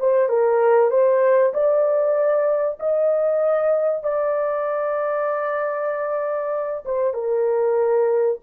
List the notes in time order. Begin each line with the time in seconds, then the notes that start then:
0.00 C5
0.29 A#4
0.91 C5
1.54 D5
2.80 D#5
4.03 D5
6.86 C5
7.14 A#4